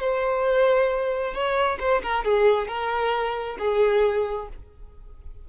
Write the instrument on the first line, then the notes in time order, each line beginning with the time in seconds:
violin
0.00 C5
1.34 C#5
1.79 C5
2.03 A#4
2.24 G#4
2.68 A#4
3.59 G#4